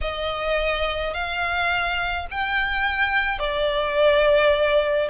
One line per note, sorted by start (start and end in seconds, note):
0.01 1.13 D#5
1.13 2.26 F5
2.31 3.39 G5
3.39 5.08 D5